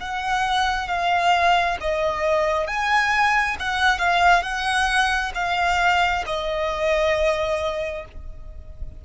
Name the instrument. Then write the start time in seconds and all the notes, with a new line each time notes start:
violin
0.00 F#5
0.88 F5
1.80 D#5
2.67 G#5
3.59 F#5
3.98 F5
4.42 F#5
5.34 F5
6.26 D#5